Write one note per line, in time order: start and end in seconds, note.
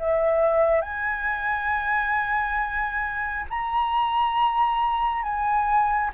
0.00 0.82 E5
0.82 3.47 G#5
3.50 5.23 A#5
5.23 6.11 G#5